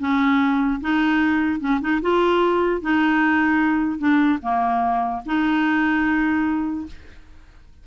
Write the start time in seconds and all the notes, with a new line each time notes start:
0.00 C#4
0.81 D#4
1.60 C#4
1.81 D#4
2.02 F4
2.82 D#4
3.99 D4
4.42 A#3
5.26 D#4